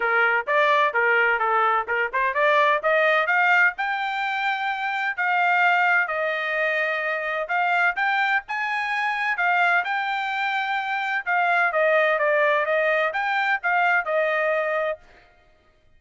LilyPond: \new Staff \with { instrumentName = "trumpet" } { \time 4/4 \tempo 4 = 128 ais'4 d''4 ais'4 a'4 | ais'8 c''8 d''4 dis''4 f''4 | g''2. f''4~ | f''4 dis''2. |
f''4 g''4 gis''2 | f''4 g''2. | f''4 dis''4 d''4 dis''4 | g''4 f''4 dis''2 | }